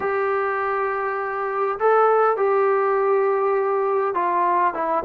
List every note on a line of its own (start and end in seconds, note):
0.00 1.78 G4
1.79 2.36 A4
2.36 4.14 G4
4.14 4.74 F4
4.74 5.03 E4